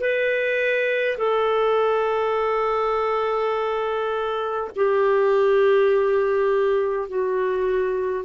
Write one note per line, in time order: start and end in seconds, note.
0.00 1.18 B4
1.18 4.71 A4
4.76 7.09 G4
7.09 8.25 F#4